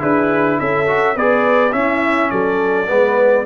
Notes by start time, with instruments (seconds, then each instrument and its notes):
0.00 tuba D4, trombone E4, horn G#4, trumpet B4
0.59 tuba C#4, horn A4, trumpet E5
0.87 trombone F#4
1.16 tuba B3, trombone G#4, horn B4, trumpet D5
1.72 trombone C#4, tuba C#4, horn E4, trumpet E5
2.31 tuba F#3, horn A4, trumpet D5
2.88 tuba G#3, trombone B3, horn B4